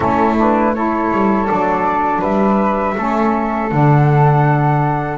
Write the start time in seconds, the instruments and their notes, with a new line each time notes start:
0.00 double bass A3, saxophone C#4, flute E4 A4
0.37 saxophone D4, flute B4
0.74 saxophone E4, flute A4 C#5
1.11 double bass G3
1.46 double bass F#3, saxophone D4, flute D5
2.19 double bass G3, flute B4 E5
2.96 double bass A3, saxophone C#4, flute A4
3.71 double bass D3, saxophone D4, flute F#5